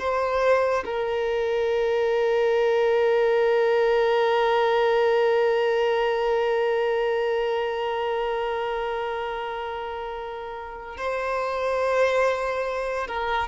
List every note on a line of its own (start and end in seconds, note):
0.00 0.85 C5
0.86 10.98 A#4
10.98 13.08 C5
13.08 13.49 A#4